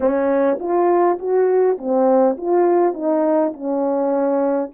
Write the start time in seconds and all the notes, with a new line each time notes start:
0.00 C#4
0.59 F4
1.18 F#4
1.78 C4
2.37 F4
2.94 D#4
3.53 C#4